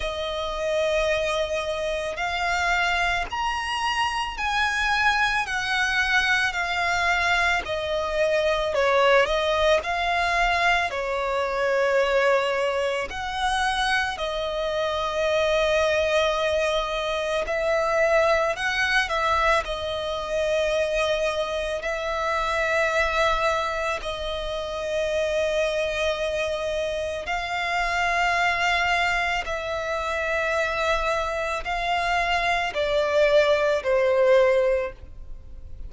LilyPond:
\new Staff \with { instrumentName = "violin" } { \time 4/4 \tempo 4 = 55 dis''2 f''4 ais''4 | gis''4 fis''4 f''4 dis''4 | cis''8 dis''8 f''4 cis''2 | fis''4 dis''2. |
e''4 fis''8 e''8 dis''2 | e''2 dis''2~ | dis''4 f''2 e''4~ | e''4 f''4 d''4 c''4 | }